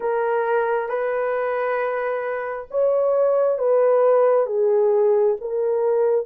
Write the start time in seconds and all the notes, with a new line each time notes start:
0.00 A#4
0.88 B4
2.71 C#5
3.58 B4
4.46 G#4
5.40 A#4